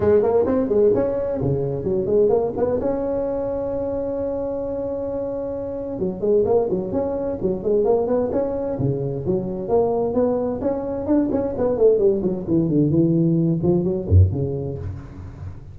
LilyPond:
\new Staff \with { instrumentName = "tuba" } { \time 4/4 \tempo 4 = 130 gis8 ais8 c'8 gis8 cis'4 cis4 | fis8 gis8 ais8 b8 cis'2~ | cis'1~ | cis'4 fis8 gis8 ais8 fis8 cis'4 |
fis8 gis8 ais8 b8 cis'4 cis4 | fis4 ais4 b4 cis'4 | d'8 cis'8 b8 a8 g8 fis8 e8 d8 | e4. f8 fis8 fis,8 cis4 | }